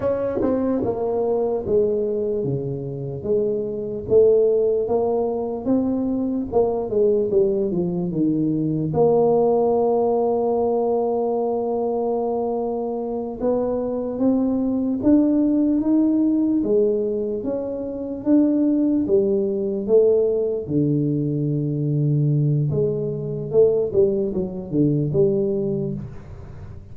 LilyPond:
\new Staff \with { instrumentName = "tuba" } { \time 4/4 \tempo 4 = 74 cis'8 c'8 ais4 gis4 cis4 | gis4 a4 ais4 c'4 | ais8 gis8 g8 f8 dis4 ais4~ | ais1~ |
ais8 b4 c'4 d'4 dis'8~ | dis'8 gis4 cis'4 d'4 g8~ | g8 a4 d2~ d8 | gis4 a8 g8 fis8 d8 g4 | }